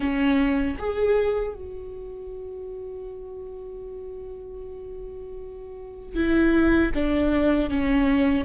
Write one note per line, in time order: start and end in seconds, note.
0.00 0.77 C#4
0.79 1.54 G#4
1.54 6.15 F#4
6.15 6.92 E4
6.94 7.70 D4
7.70 8.44 C#4